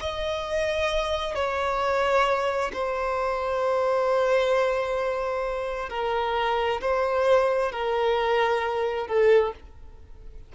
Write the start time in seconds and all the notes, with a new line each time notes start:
0.00 D#5
1.35 C#5
2.73 C5
5.90 A#4
6.81 C5
7.72 A#4
9.07 A4